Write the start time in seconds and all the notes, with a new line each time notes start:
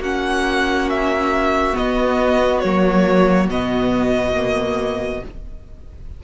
0.00 A#3 C#4 F#4 F#5
0.90 E5
1.74 B3 D#5
2.60 F#3 A#3 C#5
3.49 B2 B3 D#5
4.35 A#3